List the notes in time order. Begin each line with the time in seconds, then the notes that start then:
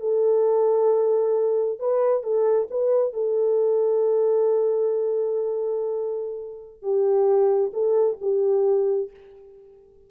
0.00 A4
1.79 B4
2.23 A4
2.70 B4
3.13 A4
6.82 G4
7.73 A4
8.21 G4